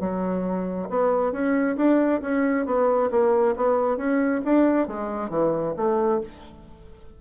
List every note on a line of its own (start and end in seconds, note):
0.00 0.88 F#3
0.89 1.32 B3
1.32 1.76 C#4
1.76 2.21 D4
2.21 2.65 C#4
2.66 3.10 B3
3.11 3.55 A#3
3.56 3.97 B3
3.97 4.41 C#4
4.44 4.87 D4
4.87 5.29 G#3
5.29 5.73 E3
5.76 6.20 A3